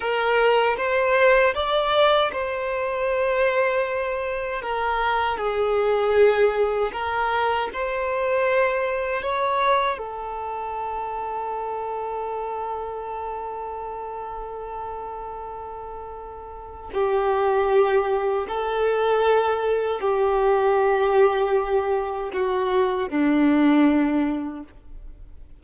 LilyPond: \new Staff \with { instrumentName = "violin" } { \time 4/4 \tempo 4 = 78 ais'4 c''4 d''4 c''4~ | c''2 ais'4 gis'4~ | gis'4 ais'4 c''2 | cis''4 a'2.~ |
a'1~ | a'2 g'2 | a'2 g'2~ | g'4 fis'4 d'2 | }